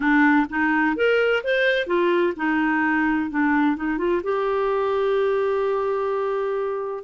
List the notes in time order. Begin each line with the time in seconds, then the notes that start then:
0.00 D4
0.49 D#4
0.96 A#4
1.43 C5
1.86 F4
2.36 D#4
3.30 D4
3.76 D#4
3.98 F4
4.23 G4